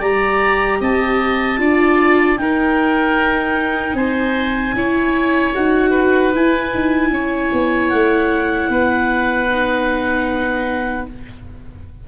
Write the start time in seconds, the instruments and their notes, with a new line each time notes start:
0.00 tuba G3, viola G4, oboe D5, clarinet A#5
0.81 tuba C4, oboe D#5, clarinet A5
1.59 tuba D4, viola F4, oboe D5
2.38 tuba D#4, viola D#4, oboe A#4, clarinet G5
3.94 tuba C4, oboe C5, clarinet G#5
4.74 tuba C#4, viola E4, oboe C#5
5.54 tuba D#4, viola F#4, clarinet F#5
5.91 oboe B4
6.34 viola E4, tuba E4, clarinet G#5
6.75 tuba D#4
7.10 tuba C#4, oboe C#5
7.53 tuba B3
7.90 tuba A3, clarinet F#5
8.70 tuba B3, oboe B4
9.50 viola D#4